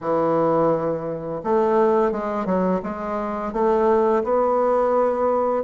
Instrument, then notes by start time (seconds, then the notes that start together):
bassoon
0.00 E3
1.43 A3
2.11 G#3
2.45 F#3
2.82 G#3
3.52 A3
4.23 B3